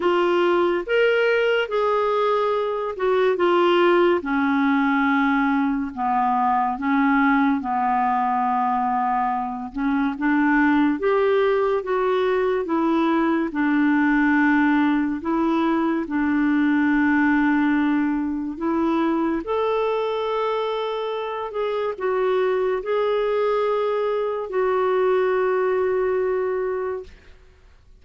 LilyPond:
\new Staff \with { instrumentName = "clarinet" } { \time 4/4 \tempo 4 = 71 f'4 ais'4 gis'4. fis'8 | f'4 cis'2 b4 | cis'4 b2~ b8 cis'8 | d'4 g'4 fis'4 e'4 |
d'2 e'4 d'4~ | d'2 e'4 a'4~ | a'4. gis'8 fis'4 gis'4~ | gis'4 fis'2. | }